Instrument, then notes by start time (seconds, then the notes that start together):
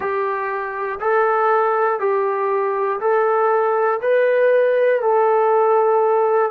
trombone
0.00 G4
1.00 A4
2.00 G4
3.00 A4
4.01 B4
5.01 A4